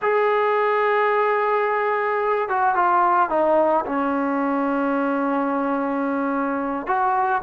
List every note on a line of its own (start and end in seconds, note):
0.02 2.48 G#4
2.48 2.75 F#4
2.75 3.29 F4
3.29 3.84 D#4
3.85 6.87 C#4
6.87 7.42 F#4